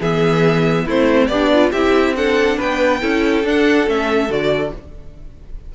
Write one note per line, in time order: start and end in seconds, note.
0.00 0.86 E3
0.00 0.88 B3
0.00 0.86 G#4
0.00 0.87 E5
0.86 1.29 A3
0.86 1.30 C4
0.86 1.28 E4
0.86 1.27 C5
1.27 1.71 B3
1.27 1.71 D4
1.27 1.51 G4
1.27 1.70 D5
1.54 1.75 F4
1.71 2.58 C4
1.71 2.15 E4
1.71 2.14 G4
1.71 2.15 E5
2.15 3.01 D4
2.15 2.57 A4
2.15 2.59 F#5
2.57 3.02 B3
2.57 3.00 B4
2.57 3.46 G5
3.01 3.44 C#4
3.01 3.43 E4
3.01 4.72 A4
3.43 3.86 D4
3.43 3.87 D4
3.43 3.89 F#5
3.86 4.29 A3
3.86 4.29 C#4
3.86 4.32 E5
4.29 4.72 D3
4.29 4.72 F#4
4.29 4.74 D5